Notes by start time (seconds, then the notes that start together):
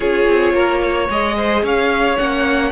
0.00 C#4 F4 G#4 C#5
0.28 C4
0.53 A#3 A#4
0.81 C#5
1.09 G#3 G#4 D#5
1.36 C5
1.62 C#4 C#5 F5
2.17 A#3 C#4 F#5